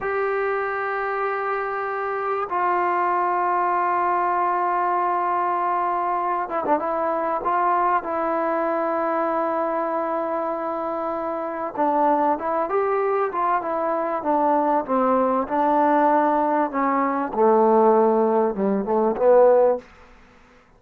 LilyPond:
\new Staff \with { instrumentName = "trombone" } { \time 4/4 \tempo 4 = 97 g'1 | f'1~ | f'2~ f'8 e'16 d'16 e'4 | f'4 e'2.~ |
e'2. d'4 | e'8 g'4 f'8 e'4 d'4 | c'4 d'2 cis'4 | a2 g8 a8 b4 | }